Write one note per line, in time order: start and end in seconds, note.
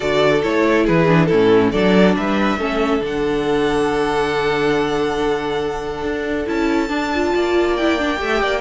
0.00 0.44 D3
0.00 0.42 F#4
0.00 0.84 A4
0.00 0.42 D5
0.42 0.88 A3
0.42 1.07 E4
0.42 0.86 C#5
0.84 1.32 E3
0.84 1.27 G#4
0.84 1.25 B4
1.07 1.28 D4
1.25 1.73 C#4
1.25 1.71 E4
1.25 1.69 A4
1.32 1.73 A2
1.71 2.16 F#3
1.71 2.59 D4
1.71 2.15 A4
1.71 2.15 D5
2.16 2.57 G3
2.16 2.58 B4
2.16 3.03 E5
2.57 3.00 A3
2.57 3.00 C#4
2.57 7.33 A4
3.00 6.02 D3
3.00 6.45 D4
3.00 6.47 F#5
6.02 6.45 D4
6.46 6.89 C#4
6.46 6.88 E4
6.46 7.76 A5
6.88 7.10 D4
6.88 7.33 D4
7.15 7.79 F4
7.34 8.21 A#3
7.34 8.20 D5
7.76 7.98 E4
7.76 8.61 G5
7.98 8.17 D4
8.17 8.41 A3
8.17 8.60 G4
8.17 8.42 E5
8.41 8.61 A#3
8.41 8.61 D5